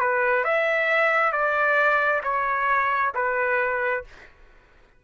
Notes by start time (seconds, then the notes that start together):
0.00 B4
0.44 E5
1.32 D5
2.23 C#5
3.15 B4